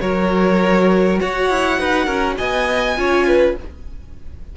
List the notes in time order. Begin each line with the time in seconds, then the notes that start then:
0.00 F#3 F#4 A#4 C#5
1.20 F#4 C#5 F#5
1.49 E4
1.79 D#4 B4
2.05 C#4 A#4
2.37 B3 D#5 G#5
2.96 C#4 F4 C#5
3.27 B4